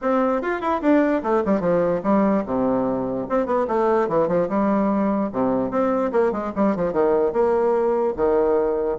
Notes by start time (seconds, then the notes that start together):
0.01 C4
0.41 F4
0.60 E4
0.81 D4
1.22 A3
1.45 G3
1.60 F3
2.03 G3
2.45 C3
3.29 C4
3.46 B3
3.67 A3
4.08 E3
4.28 F3
4.48 G3
5.32 C3
5.71 C4
6.12 A#3
6.32 G#3
6.55 G3
6.76 F3
6.93 D#3
7.32 A#3
8.16 D#3